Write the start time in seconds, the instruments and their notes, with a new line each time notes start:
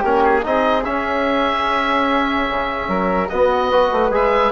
0.00 bassoon A#3, trombone C#4, flute G4, oboe A#4
0.25 oboe G#4
0.43 bassoon C4, trombone D#4, flute G#4, oboe D#5
0.85 trombone C#4, bassoon C#4, oboe E5
2.50 bassoon C#3
2.89 bassoon F#3, flute A#4
3.29 trombone B3, bassoon B3, flute F#4, oboe D#5
3.72 trombone F#4, flute B4
3.92 bassoon A3
4.10 bassoon G#3, trombone G#4, oboe E5